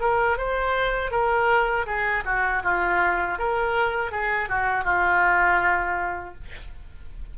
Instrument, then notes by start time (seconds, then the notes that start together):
oboe
0.00 A#4
0.37 C5
1.10 A#4
1.86 G#4
2.25 F#4
2.63 F4
3.38 A#4
4.11 G#4
4.49 F#4
4.84 F4